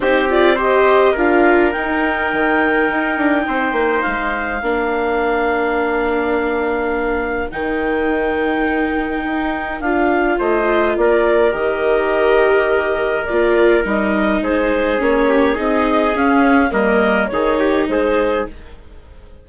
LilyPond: <<
  \new Staff \with { instrumentName = "clarinet" } { \time 4/4 \tempo 4 = 104 c''8 d''8 dis''4 f''4 g''4~ | g''2. f''4~ | f''1~ | f''4 g''2.~ |
g''4 f''4 dis''4 d''4 | dis''2. d''4 | dis''4 c''4 cis''4 dis''4 | f''4 dis''4 cis''4 c''4 | }
  \new Staff \with { instrumentName = "trumpet" } { \time 4/4 g'4 c''4 ais'2~ | ais'2 c''2 | ais'1~ | ais'1~ |
ais'2 c''4 ais'4~ | ais'1~ | ais'4 gis'4. g'8 gis'4~ | gis'4 ais'4 gis'8 g'8 gis'4 | }
  \new Staff \with { instrumentName = "viola" } { \time 4/4 dis'8 f'8 g'4 f'4 dis'4~ | dis'1 | d'1~ | d'4 dis'2.~ |
dis'4 f'2. | g'2. f'4 | dis'2 cis'4 dis'4 | cis'4 ais4 dis'2 | }
  \new Staff \with { instrumentName = "bassoon" } { \time 4/4 c'2 d'4 dis'4 | dis4 dis'8 d'8 c'8 ais8 gis4 | ais1~ | ais4 dis2. |
dis'4 d'4 a4 ais4 | dis2. ais4 | g4 gis4 ais4 c'4 | cis'4 g4 dis4 gis4 | }
>>